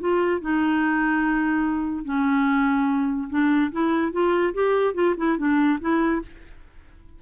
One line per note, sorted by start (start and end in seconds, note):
0.00 0.41 F4
0.41 2.05 D#4
2.05 3.29 C#4
3.30 3.71 D4
3.72 4.12 E4
4.12 4.54 F4
4.54 4.94 G4
4.94 5.15 F4
5.17 5.38 E4
5.38 5.79 D4
5.80 6.22 E4